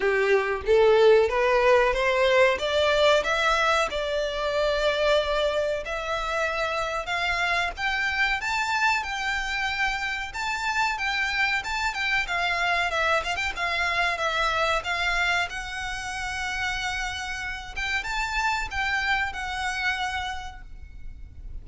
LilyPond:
\new Staff \with { instrumentName = "violin" } { \time 4/4 \tempo 4 = 93 g'4 a'4 b'4 c''4 | d''4 e''4 d''2~ | d''4 e''2 f''4 | g''4 a''4 g''2 |
a''4 g''4 a''8 g''8 f''4 | e''8 f''16 g''16 f''4 e''4 f''4 | fis''2.~ fis''8 g''8 | a''4 g''4 fis''2 | }